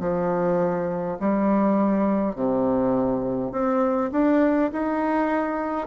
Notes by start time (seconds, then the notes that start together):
0.00 F3
1.20 G3
2.35 C3
3.52 C4
4.12 D4
4.72 D#4